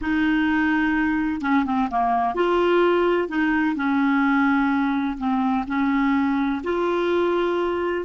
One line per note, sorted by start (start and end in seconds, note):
0.01 1.41 D#4
1.41 1.64 C#4
1.65 1.88 C4
1.90 2.34 A#3
2.34 3.28 F4
3.28 3.75 D#4
3.75 5.17 C#4
5.18 5.65 C4
5.67 6.61 C#4
6.63 8.05 F4